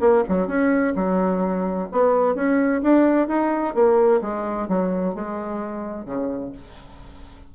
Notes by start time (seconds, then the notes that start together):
0.00 A#3
0.28 F#3
0.47 C#4
0.95 F#3
1.92 B3
2.35 C#4
2.82 D4
3.28 D#4
3.74 A#3
4.21 G#3
4.68 F#3
5.14 G#3
6.05 C#3